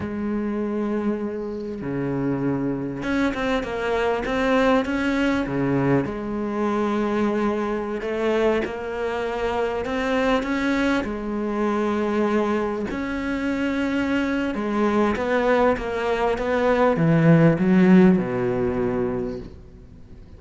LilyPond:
\new Staff \with { instrumentName = "cello" } { \time 4/4 \tempo 4 = 99 gis2. cis4~ | cis4 cis'8 c'8 ais4 c'4 | cis'4 cis4 gis2~ | gis4~ gis16 a4 ais4.~ ais16~ |
ais16 c'4 cis'4 gis4.~ gis16~ | gis4~ gis16 cis'2~ cis'8. | gis4 b4 ais4 b4 | e4 fis4 b,2 | }